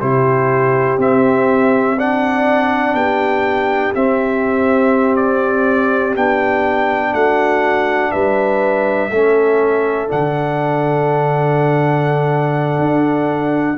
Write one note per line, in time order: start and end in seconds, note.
0.00 0.98 C3
0.00 0.98 E4
0.00 1.96 G4
0.00 0.98 C5
0.98 2.94 C4
0.98 1.96 C4
0.98 1.99 E5
1.96 3.94 D4
1.96 2.95 D5
1.96 2.94 F#5
2.94 3.92 B3
2.94 7.13 G4
2.94 3.93 G5
3.95 6.15 C4
3.95 6.16 C4
3.95 5.16 E5
5.16 6.14 D5
6.15 7.13 B3
6.15 9.10 D4
6.15 7.14 G5
7.13 8.12 A3
7.13 8.11 F#4
7.13 8.11 F#5
8.11 9.10 G3
8.11 9.09 B4
8.11 10.08 E5
9.09 10.08 A3
9.09 10.07 C#4
9.09 13.77 A4
10.07 12.78 D3
10.07 13.76 D4
10.07 13.78 F#5
12.78 13.77 D4